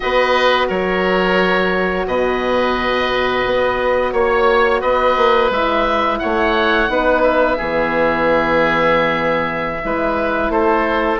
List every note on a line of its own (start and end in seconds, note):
0.00 0.69 B3
0.00 5.52 F#4
0.00 0.67 B4
0.00 0.67 D#5
0.67 2.06 F#3
0.67 2.05 A#4
0.67 2.07 C#5
2.06 3.44 B2
2.06 4.12 B4
2.06 4.14 D#5
3.46 4.12 B3
4.12 4.81 A#3
4.12 4.80 C#5
4.12 4.81 C#5
4.80 5.17 B3
4.80 6.18 B4
4.80 5.50 D#5
5.17 5.50 A#3
5.50 6.19 G#3
5.50 6.88 E4
5.50 6.18 E5
6.18 6.89 A3
6.18 6.91 C#5
6.18 7.22 F#5
6.88 7.57 B3
6.88 7.57 D#4
6.88 7.57 B4
7.23 10.50 E5
7.57 9.83 E3
7.57 9.81 B3
7.57 9.81 G#4
9.81 10.49 G#3
9.81 11.19 E4
9.81 10.52 B4
10.49 11.18 A3
10.49 11.19 A4
10.49 11.19 C5